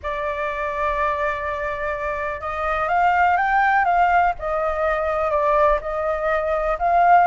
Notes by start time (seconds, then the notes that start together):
0.02 D5
2.40 D#5
2.88 F5
3.37 G5
3.84 F5
4.38 D#5
5.30 D5
5.81 D#5
6.78 F5